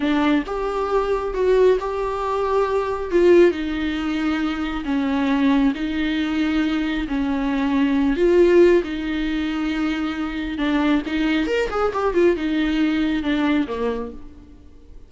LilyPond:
\new Staff \with { instrumentName = "viola" } { \time 4/4 \tempo 4 = 136 d'4 g'2 fis'4 | g'2. f'4 | dis'2. cis'4~ | cis'4 dis'2. |
cis'2~ cis'8 f'4. | dis'1 | d'4 dis'4 ais'8 gis'8 g'8 f'8 | dis'2 d'4 ais4 | }